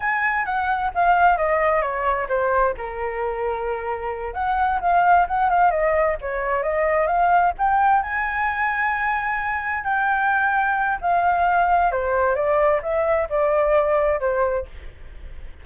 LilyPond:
\new Staff \with { instrumentName = "flute" } { \time 4/4 \tempo 4 = 131 gis''4 fis''4 f''4 dis''4 | cis''4 c''4 ais'2~ | ais'4. fis''4 f''4 fis''8 | f''8 dis''4 cis''4 dis''4 f''8~ |
f''8 g''4 gis''2~ gis''8~ | gis''4. g''2~ g''8 | f''2 c''4 d''4 | e''4 d''2 c''4 | }